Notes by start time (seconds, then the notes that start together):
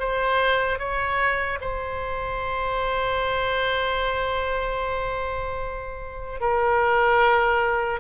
0.00 C5
0.79 C#5
1.61 C5
6.41 A#4